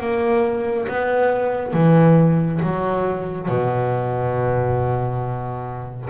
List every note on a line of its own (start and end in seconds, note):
0.00 0.87 A#3
0.88 1.73 B3
1.73 2.60 E3
2.62 3.48 F#3
3.48 6.09 B2